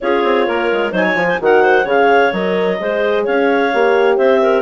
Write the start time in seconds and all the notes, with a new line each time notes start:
0.00 C#4 F4 G#4 C#5
0.23 C4
0.46 A#3 A#4
0.72 G#3
0.92 F#3 D#4 C5 G#5
1.03 C#5
1.15 F3 F4
1.28 C5
1.40 D#3 F#4 A#4 F#5
1.63 C5
1.84 C#3 G#4 C#5 F5
2.32 F#3 A#4 D#5
2.80 G#3 G#4 C5
3.24 C#4 C#5 F5
3.72 A#3 G4
4.17 C4 C5 E5
4.41 A#4